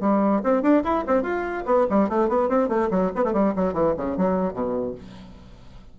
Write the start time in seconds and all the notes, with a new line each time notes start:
0.00 G3
0.43 C4
0.62 D4
0.83 E4
1.06 C4
1.22 F4
1.65 B3
1.89 G3
2.09 A3
2.28 B3
2.49 C4
2.68 A3
2.90 F#3
3.15 B3
3.24 A3
3.33 G3
3.55 F#3
3.73 E3
3.96 C#3
4.17 F#3
4.53 B2